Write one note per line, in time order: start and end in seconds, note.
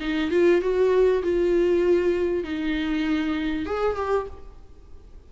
0.00 0.31 D#4
0.31 0.61 F4
0.62 1.23 F#4
1.23 2.44 F4
2.44 3.66 D#4
3.66 3.96 G#4
3.96 4.27 G4